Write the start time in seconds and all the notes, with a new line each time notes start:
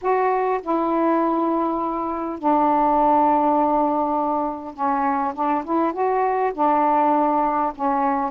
0.01 F#4
0.62 E4
2.38 D4
4.74 C#4
5.34 D4
5.64 E4
5.92 F#4
6.53 D4
7.75 C#4